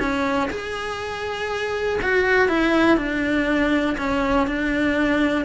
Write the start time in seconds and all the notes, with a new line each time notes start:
0.00 C#4
0.51 G#4
2.02 F#4
2.49 E4
2.98 D4
3.98 C#4
4.48 D4